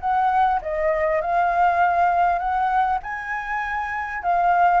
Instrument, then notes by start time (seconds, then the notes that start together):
flute
0.00 F#5
0.61 D#5
1.21 F5
2.38 F#5
3.02 G#5
4.22 F5